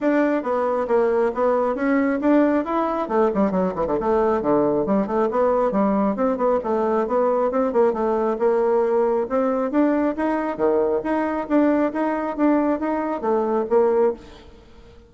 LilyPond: \new Staff \with { instrumentName = "bassoon" } { \time 4/4 \tempo 4 = 136 d'4 b4 ais4 b4 | cis'4 d'4 e'4 a8 g8 | fis8 e16 d16 a4 d4 g8 a8 | b4 g4 c'8 b8 a4 |
b4 c'8 ais8 a4 ais4~ | ais4 c'4 d'4 dis'4 | dis4 dis'4 d'4 dis'4 | d'4 dis'4 a4 ais4 | }